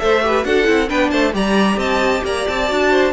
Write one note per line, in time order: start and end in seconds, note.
0.00 0.45 A3
0.00 0.23 A4
0.00 0.25 C5
0.00 0.45 E5
0.23 0.44 G4
0.23 0.47 B4
0.44 0.67 D4
0.44 0.65 F#4
0.44 0.89 A4
0.44 0.90 F#5
0.65 0.90 C4
0.65 0.87 E4
0.89 1.13 B3
0.89 1.33 D4
0.89 1.11 B4
0.89 1.11 G5
1.11 1.34 A3
1.11 1.33 C5
1.11 1.33 A5
1.33 1.77 G3
1.33 2.68 G4
1.33 1.79 D5
1.33 1.80 A#5
1.77 2.22 C4
1.77 2.24 D#5
1.77 2.25 A5
2.25 2.47 A#3
2.25 2.91 D5
2.25 2.48 A#5
2.48 2.71 C4
2.48 3.14 A5
2.68 3.14 D4
2.68 3.13 F#4
2.91 3.13 C5